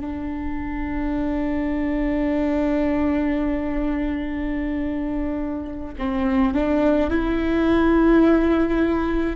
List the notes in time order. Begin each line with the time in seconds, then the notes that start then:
0.00 D4
5.98 C4
6.54 D4
7.10 E4